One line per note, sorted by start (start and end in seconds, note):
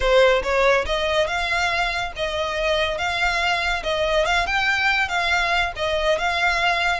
0.00 0.42 C5
0.42 0.85 C#5
0.86 1.27 D#5
1.27 2.12 F5
2.16 2.97 D#5
2.97 3.83 F5
3.83 4.25 D#5
4.25 4.46 F5
4.46 5.08 G5
5.08 5.72 F5
5.75 6.18 D#5
6.18 7.00 F5